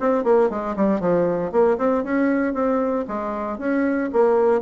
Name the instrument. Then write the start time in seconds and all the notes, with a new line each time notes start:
bassoon
0.00 C4
0.24 A#3
0.50 G#3
0.76 G3
1.00 F3
1.52 A#3
1.78 C4
2.04 C#4
2.54 C4
3.08 G#3
3.58 C#4
4.12 A#3